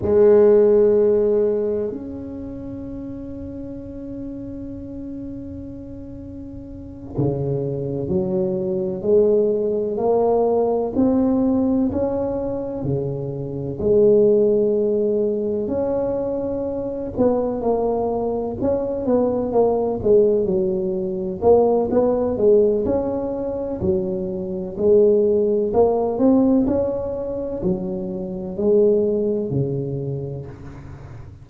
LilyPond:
\new Staff \with { instrumentName = "tuba" } { \time 4/4 \tempo 4 = 63 gis2 cis'2~ | cis'2.~ cis'8 cis8~ | cis8 fis4 gis4 ais4 c'8~ | c'8 cis'4 cis4 gis4.~ |
gis8 cis'4. b8 ais4 cis'8 | b8 ais8 gis8 fis4 ais8 b8 gis8 | cis'4 fis4 gis4 ais8 c'8 | cis'4 fis4 gis4 cis4 | }